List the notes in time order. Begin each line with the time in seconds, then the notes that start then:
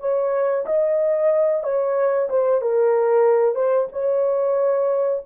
0.00 C#5
0.66 D#5
1.64 C#5
2.30 C5
2.62 A#4
3.56 C5
3.92 C#5